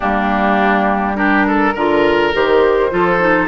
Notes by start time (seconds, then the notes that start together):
0.00 G3 A#3 D4 G4
1.15 D4 G4 A#4
1.47 A4
1.74 D3 F4 A#4
2.33 D#3 G4 C5
2.90 F3 F4 A4
3.19 D#4